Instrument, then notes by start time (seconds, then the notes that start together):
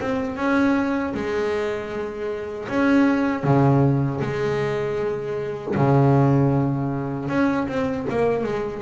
double bass
0.00 C4
0.36 C#4
1.14 G#3
2.68 C#4
3.43 C#3
4.20 G#3
5.75 C#3
7.28 C#4
7.67 C4
8.09 A#3
8.43 G#3